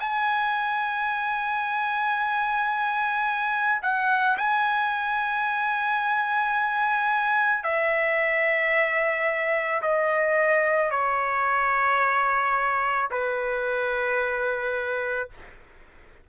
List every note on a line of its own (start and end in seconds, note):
0.00 3.82 G#5
3.82 4.37 F#5
4.37 7.64 G#5
7.64 9.82 E5
9.82 10.91 D#5
10.91 13.09 C#5
13.11 15.29 B4